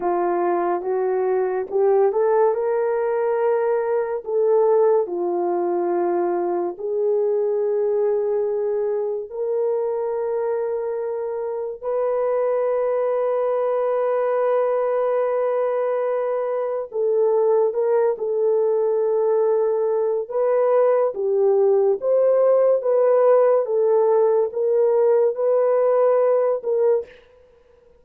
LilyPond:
\new Staff \with { instrumentName = "horn" } { \time 4/4 \tempo 4 = 71 f'4 fis'4 g'8 a'8 ais'4~ | ais'4 a'4 f'2 | gis'2. ais'4~ | ais'2 b'2~ |
b'1 | a'4 ais'8 a'2~ a'8 | b'4 g'4 c''4 b'4 | a'4 ais'4 b'4. ais'8 | }